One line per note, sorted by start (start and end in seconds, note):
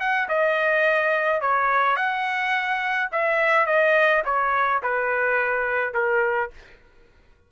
0.00 0.28 F#5
0.29 1.41 D#5
1.41 1.97 C#5
1.97 3.10 F#5
3.12 3.66 E5
3.66 4.23 D#5
4.25 4.82 C#5
4.83 5.94 B4
5.94 6.51 A#4